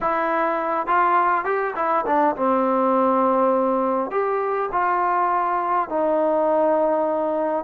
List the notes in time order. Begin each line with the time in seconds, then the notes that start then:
0.00 E4
0.86 F4
1.44 G4
1.75 E4
2.06 D4
2.36 C4
4.10 G4
4.71 F4
5.89 D#4